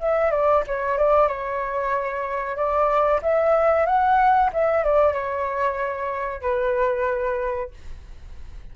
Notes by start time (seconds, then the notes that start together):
0.00 E5
0.31 D5
0.67 C#5
0.98 D5
1.28 C#5
2.56 D5
3.22 E5
3.86 F#5
4.53 E5
4.84 D5
5.13 C#5
6.42 B4